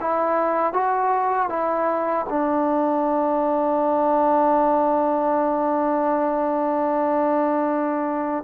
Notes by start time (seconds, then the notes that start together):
0.00 E4
0.73 F#4
1.49 E4
2.29 D4